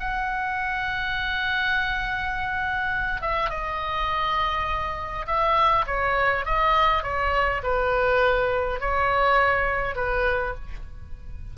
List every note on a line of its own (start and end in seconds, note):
0.00 3.22 F#5
3.22 3.50 E5
3.50 5.26 D#5
5.27 5.86 E5
5.87 6.45 C#5
6.46 7.03 D#5
7.03 7.62 C#5
7.63 8.80 B4
8.80 9.96 C#5
9.96 10.55 B4